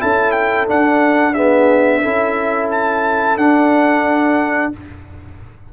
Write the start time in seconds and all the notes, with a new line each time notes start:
0.00 C#4 E4 A4 A5
0.32 G5
0.67 D4 F#5
1.34 B3 G#4 E5
2.03 C#4 E4 A4
2.71 A5
3.37 D4 F#5